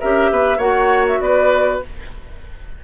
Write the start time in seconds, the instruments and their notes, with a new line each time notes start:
0.00 bassoon C#4, clarinet G4, oboe A#4, flute E5
0.31 bassoon B3, oboe B4
0.58 bassoon A#3, clarinet F#4, oboe C#5, flute F#5
1.07 flute E5
1.20 bassoon B3, oboe B4, flute D5